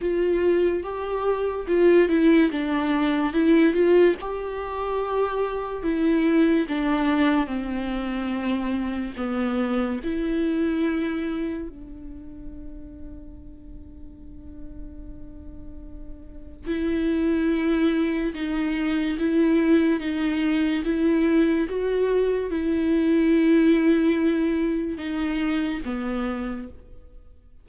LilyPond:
\new Staff \with { instrumentName = "viola" } { \time 4/4 \tempo 4 = 72 f'4 g'4 f'8 e'8 d'4 | e'8 f'8 g'2 e'4 | d'4 c'2 b4 | e'2 d'2~ |
d'1 | e'2 dis'4 e'4 | dis'4 e'4 fis'4 e'4~ | e'2 dis'4 b4 | }